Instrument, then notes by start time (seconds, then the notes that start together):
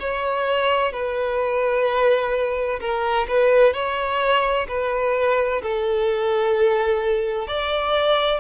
violin
0.00 C#5
0.93 B4
2.80 A#4
3.28 B4
3.74 C#5
4.68 B4
5.62 A4
7.48 D5